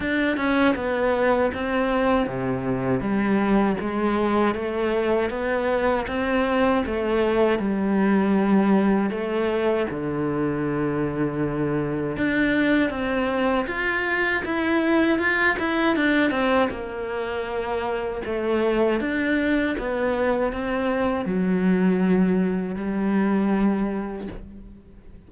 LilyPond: \new Staff \with { instrumentName = "cello" } { \time 4/4 \tempo 4 = 79 d'8 cis'8 b4 c'4 c4 | g4 gis4 a4 b4 | c'4 a4 g2 | a4 d2. |
d'4 c'4 f'4 e'4 | f'8 e'8 d'8 c'8 ais2 | a4 d'4 b4 c'4 | fis2 g2 | }